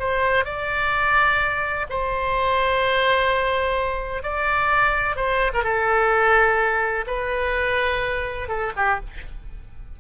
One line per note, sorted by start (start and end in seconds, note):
0.00 0.45 C5
0.45 1.87 D5
1.90 4.23 C5
4.23 5.16 D5
5.16 5.52 C5
5.54 5.64 A#4
5.64 7.06 A4
7.07 8.49 B4
8.49 8.72 A4
8.77 9.00 G4